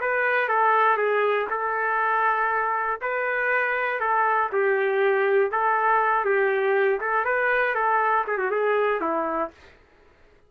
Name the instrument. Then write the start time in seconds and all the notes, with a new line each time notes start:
trumpet
0.00 B4
0.48 A4
0.97 G#4
1.50 A4
3.01 B4
4.00 A4
4.52 G4
5.51 A4
6.25 G4
7.00 A4
7.24 B4
7.74 A4
8.27 G#4
8.38 F#4
8.50 G#4
9.00 E4